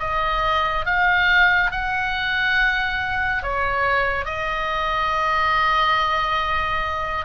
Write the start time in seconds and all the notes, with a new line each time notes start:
0.00 D#5
0.86 F5
1.71 F#5
3.43 C#5
4.25 D#5